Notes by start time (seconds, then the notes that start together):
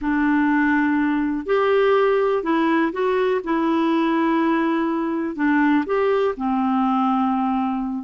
0.01 D4
1.45 G4
2.43 E4
2.92 F#4
3.43 E4
5.35 D4
5.86 G4
6.36 C4